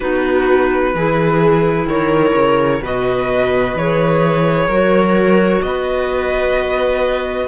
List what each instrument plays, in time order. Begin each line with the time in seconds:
0.00 cello B3, clarinet D#4, viola F#4, violin B4
0.94 cello E3, clarinet E4, viola G#4
1.85 cello D#3, viola A#4, violin C#5
2.33 cello C#3
2.81 cello B2, clarinet F#4, viola B4, violin D#5
3.73 cello E3, clarinet G#4, violin C#5
4.67 cello F#3, clarinet F#4, viola A#4
5.62 cello B3, viola B4, violin D#5